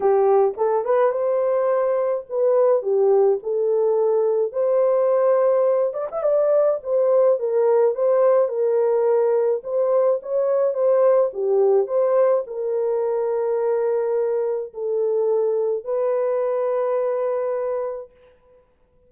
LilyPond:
\new Staff \with { instrumentName = "horn" } { \time 4/4 \tempo 4 = 106 g'4 a'8 b'8 c''2 | b'4 g'4 a'2 | c''2~ c''8 d''16 e''16 d''4 | c''4 ais'4 c''4 ais'4~ |
ais'4 c''4 cis''4 c''4 | g'4 c''4 ais'2~ | ais'2 a'2 | b'1 | }